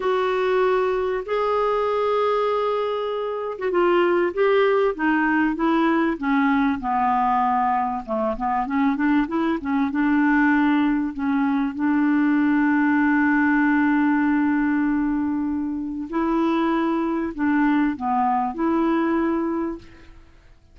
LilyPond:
\new Staff \with { instrumentName = "clarinet" } { \time 4/4 \tempo 4 = 97 fis'2 gis'2~ | gis'4.~ gis'16 fis'16 f'4 g'4 | dis'4 e'4 cis'4 b4~ | b4 a8 b8 cis'8 d'8 e'8 cis'8 |
d'2 cis'4 d'4~ | d'1~ | d'2 e'2 | d'4 b4 e'2 | }